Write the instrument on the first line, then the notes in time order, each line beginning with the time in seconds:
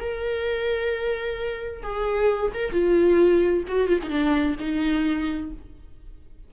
viola
0.00 A#4
1.83 G#4
2.54 A#4
2.72 F4
3.68 F#4
3.88 F4
4.03 D#4
4.10 D4
4.59 D#4